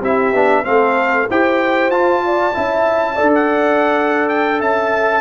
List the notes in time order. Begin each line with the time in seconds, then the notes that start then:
0.00 C4 E4 G4 E5
0.32 B3 D4
0.64 A3 C4 A4 F5
1.29 E4 G4 C5 G5
1.89 F4 A5
2.25 D5
2.53 C#4 E4 E5
3.15 D4 A4 D5
3.34 F#5
4.29 G5
4.59 C#4 E5 A5